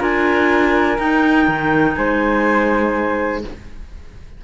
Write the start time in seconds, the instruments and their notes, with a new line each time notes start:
0.00 cello D4, clarinet F4 G#5, flute A#4
0.99 cello D#4, clarinet D#4 G5
1.48 cello D#3
1.96 cello G#3, flute C5, clarinet G#5